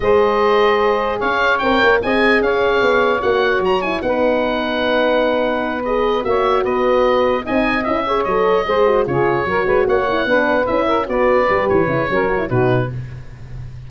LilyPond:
<<
  \new Staff \with { instrumentName = "oboe" } { \time 4/4 \tempo 4 = 149 dis''2. f''4 | g''4 gis''4 f''2 | fis''4 ais''8 gis''8 fis''2~ | fis''2~ fis''8 dis''4 e''8~ |
e''8 dis''2 gis''4 e''8~ | e''8 dis''2 cis''4.~ | cis''8 fis''2 e''4 d''8~ | d''4 cis''2 b'4 | }
  \new Staff \with { instrumentName = "saxophone" } { \time 4/4 c''2. cis''4~ | cis''4 dis''4 cis''2~ | cis''2 b'2~ | b'2.~ b'8 cis''8~ |
cis''8 b'2 dis''4. | cis''4. c''4 gis'4 ais'8 | b'8 cis''4 b'4. ais'8 b'8~ | b'2 ais'4 fis'4 | }
  \new Staff \with { instrumentName = "horn" } { \time 4/4 gis'1 | ais'4 gis'2. | fis'4. e'8 dis'2~ | dis'2~ dis'8 gis'4 fis'8~ |
fis'2~ fis'8 dis'4 e'8 | gis'8 a'4 gis'8 fis'8 f'4 fis'8~ | fis'4 e'8 d'4 e'4 fis'8~ | fis'8 g'4 e'8 cis'8 fis'16 e'16 dis'4 | }
  \new Staff \with { instrumentName = "tuba" } { \time 4/4 gis2. cis'4 | c'8 ais8 c'4 cis'4 b4 | ais4 fis4 b2~ | b2.~ b8 ais8~ |
ais8 b2 c'4 cis'8~ | cis'8 fis4 gis4 cis4 fis8 | gis8 ais4 b4 cis'4 b8~ | b8 g8 e8 cis8 fis4 b,4 | }
>>